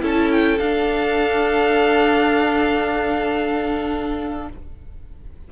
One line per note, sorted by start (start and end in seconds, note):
0.00 0.59 C#4
0.00 0.58 E4
0.00 4.49 A4
0.00 0.31 A5
0.31 0.59 G5
0.59 4.48 D4
0.59 4.52 D4
0.59 4.48 F5